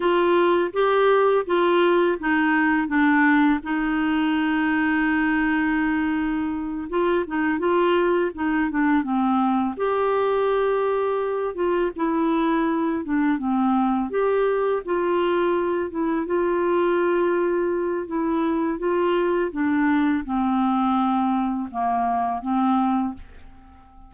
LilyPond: \new Staff \with { instrumentName = "clarinet" } { \time 4/4 \tempo 4 = 83 f'4 g'4 f'4 dis'4 | d'4 dis'2.~ | dis'4. f'8 dis'8 f'4 dis'8 | d'8 c'4 g'2~ g'8 |
f'8 e'4. d'8 c'4 g'8~ | g'8 f'4. e'8 f'4.~ | f'4 e'4 f'4 d'4 | c'2 ais4 c'4 | }